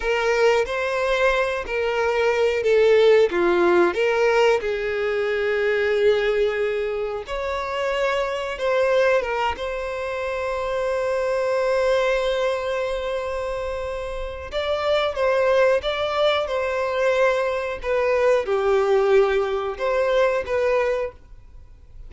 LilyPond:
\new Staff \with { instrumentName = "violin" } { \time 4/4 \tempo 4 = 91 ais'4 c''4. ais'4. | a'4 f'4 ais'4 gis'4~ | gis'2. cis''4~ | cis''4 c''4 ais'8 c''4.~ |
c''1~ | c''2 d''4 c''4 | d''4 c''2 b'4 | g'2 c''4 b'4 | }